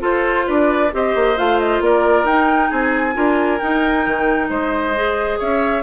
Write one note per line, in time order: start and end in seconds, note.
0.00 0.90 F4
0.00 0.48 F4
0.00 0.46 A4
0.00 0.49 C5
0.48 0.94 D4
0.48 0.92 B4
0.48 0.93 D5
0.92 1.16 C4
0.92 1.37 G4
0.92 1.84 C5
0.92 1.39 D#5
1.16 1.38 A#3
1.37 1.81 A3
1.37 2.27 F4
1.37 1.60 F5
1.60 1.82 D#5
1.81 2.24 A#3
1.81 2.70 A#4
1.81 2.27 D5
2.24 2.69 D#4
2.24 3.14 D#4
2.24 2.71 G5
2.70 3.16 C4
2.70 3.15 G#4
2.70 3.59 G#5
3.14 3.61 D4
3.14 3.59 F4
3.14 4.50 A#4
3.59 4.95 D#4
3.59 4.07 D#4
3.59 4.49 G5
4.07 4.50 D#3
4.49 5.40 G#3
4.49 5.39 C5
4.49 5.39 D#5
4.95 5.83 G#4
5.39 5.83 C#4
5.39 5.83 C#5
5.39 5.83 E5